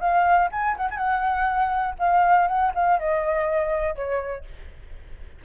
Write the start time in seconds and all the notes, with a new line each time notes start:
0.00 F5
0.52 G#5
0.77 F#5
0.91 G#5
0.97 F#5
1.99 F5
2.47 F#5
2.75 F5
2.99 D#5
3.95 C#5